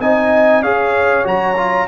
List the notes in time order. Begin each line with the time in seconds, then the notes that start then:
0.00 C4 D#4 D#5 G#5
0.61 C#4 G#4 C#5 F5
1.24 F#3 F#4 A#5
1.57 F4